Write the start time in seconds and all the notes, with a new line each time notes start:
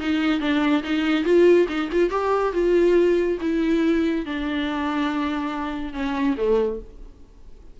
0.00 D#4
0.40 D4
0.84 D#4
1.25 F4
1.69 D#4
1.92 F4
2.10 G4
2.53 F4
3.41 E4
4.26 D4
5.94 C#4
6.38 A3